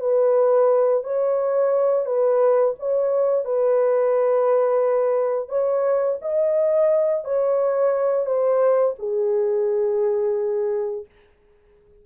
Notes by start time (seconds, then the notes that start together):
0.00 B4
1.03 C#5
2.05 B4
2.79 C#5
3.45 B4
5.49 C#5
6.21 D#5
7.24 C#5
8.26 C5
8.98 G#4